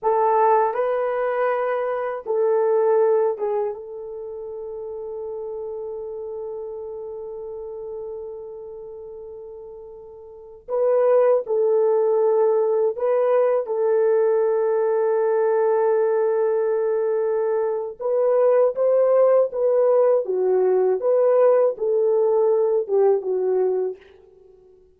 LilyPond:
\new Staff \with { instrumentName = "horn" } { \time 4/4 \tempo 4 = 80 a'4 b'2 a'4~ | a'8 gis'8 a'2.~ | a'1~ | a'2~ a'16 b'4 a'8.~ |
a'4~ a'16 b'4 a'4.~ a'16~ | a'1 | b'4 c''4 b'4 fis'4 | b'4 a'4. g'8 fis'4 | }